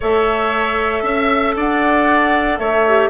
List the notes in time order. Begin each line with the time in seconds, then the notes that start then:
0.00 A3 A4 C#5 E5
1.02 C#4 E5
1.55 D4 D5 F#5
2.58 A3 C#5 E5
2.87 G4